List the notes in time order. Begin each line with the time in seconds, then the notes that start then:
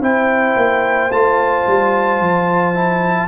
0.00 C4 E4 C5 G5
0.56 A#3
1.10 A3 F4 A5
1.67 G3
2.20 F3
2.74 E4